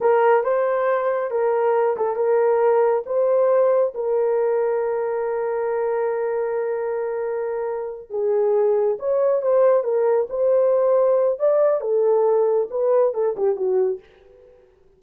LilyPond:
\new Staff \with { instrumentName = "horn" } { \time 4/4 \tempo 4 = 137 ais'4 c''2 ais'4~ | ais'8 a'8 ais'2 c''4~ | c''4 ais'2.~ | ais'1~ |
ais'2~ ais'8 gis'4.~ | gis'8 cis''4 c''4 ais'4 c''8~ | c''2 d''4 a'4~ | a'4 b'4 a'8 g'8 fis'4 | }